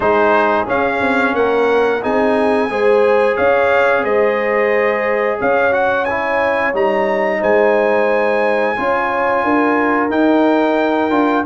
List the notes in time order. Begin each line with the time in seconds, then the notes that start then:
0.00 G#3 D#4 G#4 C5
0.66 C#4 F5
1.00 C4
1.33 A#3 A#4 F#5
2.01 C4 D#4 G#4 G#5
2.70 G#3 G#4 C5
3.36 C#4 C#5 F5
4.03 G#3 C5 D#5
5.38 C#4 C#5 F5
5.71 F#4 F#5
6.04 E4 G#5
6.73 G3 D#4 A#5
7.40 G#3 C5 G#5
8.76 C#4 F4 C#5
9.43 D4 A#4
10.10 D#4 G5
11.10 D4 F4